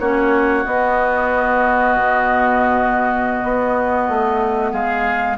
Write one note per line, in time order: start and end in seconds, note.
0.00 0.65 A#3
0.00 0.65 C#4
0.00 4.72 F#4
0.00 0.65 C#5
0.65 5.38 B3
0.65 1.96 B3
0.65 4.73 D#5
1.96 3.43 B2
3.44 4.09 B3
4.09 4.73 A3
4.72 5.38 G#3
4.72 5.38 G#4
4.72 5.38 F5